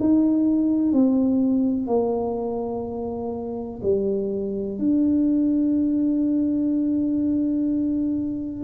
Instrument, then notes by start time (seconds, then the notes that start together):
tuba
0.00 D#4
0.93 C4
1.87 A#3
3.83 G3
4.79 D4